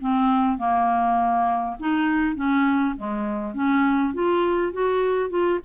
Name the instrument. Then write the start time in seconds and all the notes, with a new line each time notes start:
clarinet
0.00 C4
0.58 A#3
1.80 D#4
2.35 C#4
2.97 G#3
3.55 C#4
4.14 F4
4.73 F#4
5.30 F4